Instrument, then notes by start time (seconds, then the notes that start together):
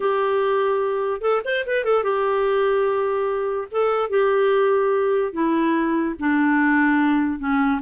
clarinet
0.00 G4
1.21 A4
1.44 C5
1.66 B4
1.84 A4
2.03 G4
3.71 A4
4.09 G4
5.33 E4
6.19 D4
7.39 C#4